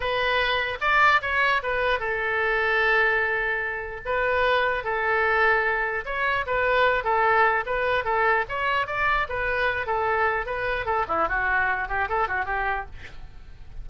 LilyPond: \new Staff \with { instrumentName = "oboe" } { \time 4/4 \tempo 4 = 149 b'2 d''4 cis''4 | b'4 a'2.~ | a'2 b'2 | a'2. cis''4 |
b'4. a'4. b'4 | a'4 cis''4 d''4 b'4~ | b'8 a'4. b'4 a'8 e'8 | fis'4. g'8 a'8 fis'8 g'4 | }